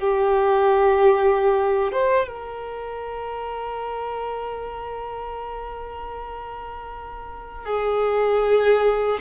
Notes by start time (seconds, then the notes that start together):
0.00 G4
1.92 C5
2.28 A#4
7.65 G#4